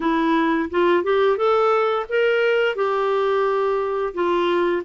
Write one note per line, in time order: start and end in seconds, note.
0.00 0.69 E4
0.70 1.03 F4
1.03 1.37 G4
1.37 2.06 A4
2.09 2.75 A#4
2.75 4.13 G4
4.13 4.82 F4